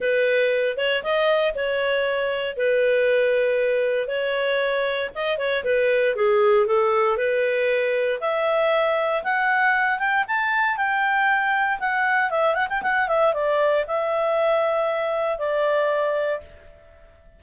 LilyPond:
\new Staff \with { instrumentName = "clarinet" } { \time 4/4 \tempo 4 = 117 b'4. cis''8 dis''4 cis''4~ | cis''4 b'2. | cis''2 dis''8 cis''8 b'4 | gis'4 a'4 b'2 |
e''2 fis''4. g''8 | a''4 g''2 fis''4 | e''8 fis''16 g''16 fis''8 e''8 d''4 e''4~ | e''2 d''2 | }